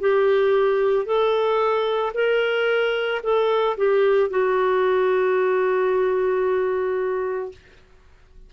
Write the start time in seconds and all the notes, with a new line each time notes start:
0.00 G4
1.06 A4
2.14 A#4
3.23 A4
3.77 G4
4.30 F#4